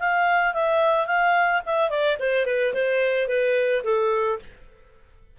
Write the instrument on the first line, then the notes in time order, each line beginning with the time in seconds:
clarinet
0.00 F5
0.54 E5
1.07 F5
1.66 E5
1.90 D5
2.20 C5
2.46 B4
2.74 C5
3.28 B4
3.84 A4